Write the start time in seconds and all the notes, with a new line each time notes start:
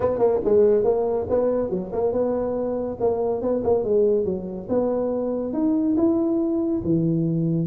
0.00 B3
0.18 A#3
0.44 G#3
0.84 A#3
1.29 B3
1.70 F#3
1.92 A#3
2.12 B3
3.00 A#3
3.41 B3
3.63 A#3
3.84 G#3
4.25 F#3
4.68 B3
5.53 D#4
5.96 E4
6.84 E3